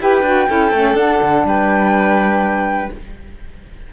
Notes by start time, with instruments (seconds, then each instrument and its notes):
0.00 cello E4, saxophone G4, violin B4, flute G5
0.22 cello D4, saxophone F#4
0.48 cello C#4, saxophone E4, violin A4
0.72 cello A3, saxophone C#4
0.95 cello D4, saxophone D4, flute F#5
1.22 cello D3
1.44 cello G3, violin B4, flute G5